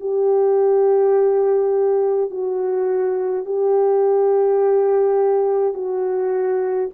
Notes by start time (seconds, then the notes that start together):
0.00 G4
2.30 F#4
3.45 G4
5.73 F#4